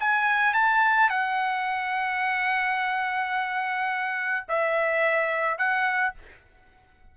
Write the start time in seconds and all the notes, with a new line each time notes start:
0.00 G#5
0.54 A5
1.10 F#5
4.48 E5
5.58 F#5